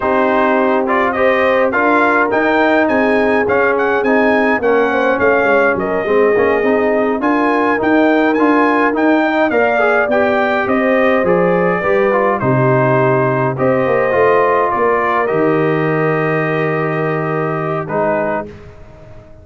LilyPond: <<
  \new Staff \with { instrumentName = "trumpet" } { \time 4/4 \tempo 4 = 104 c''4. d''8 dis''4 f''4 | g''4 gis''4 f''8 fis''8 gis''4 | fis''4 f''4 dis''2~ | dis''8 gis''4 g''4 gis''4 g''8~ |
g''8 f''4 g''4 dis''4 d''8~ | d''4. c''2 dis''8~ | dis''4. d''4 dis''4.~ | dis''2. b'4 | }
  \new Staff \with { instrumentName = "horn" } { \time 4/4 g'2 c''4 ais'4~ | ais'4 gis'2. | ais'8 c''8 cis''4 ais'8 gis'4.~ | gis'8 ais'2.~ ais'8 |
dis''8 d''2 c''4.~ | c''8 b'4 g'2 c''8~ | c''4. ais'2~ ais'8~ | ais'2. gis'4 | }
  \new Staff \with { instrumentName = "trombone" } { \time 4/4 dis'4. f'8 g'4 f'4 | dis'2 cis'4 dis'4 | cis'2~ cis'8 c'8 cis'8 dis'8~ | dis'8 f'4 dis'4 f'4 dis'8~ |
dis'8 ais'8 gis'8 g'2 gis'8~ | gis'8 g'8 f'8 dis'2 g'8~ | g'8 f'2 g'4.~ | g'2. dis'4 | }
  \new Staff \with { instrumentName = "tuba" } { \time 4/4 c'2. d'4 | dis'4 c'4 cis'4 c'4 | ais4 a8 gis8 fis8 gis8 ais8 c'8~ | c'8 d'4 dis'4 d'4 dis'8~ |
dis'8 ais4 b4 c'4 f8~ | f8 g4 c2 c'8 | ais8 a4 ais4 dis4.~ | dis2. gis4 | }
>>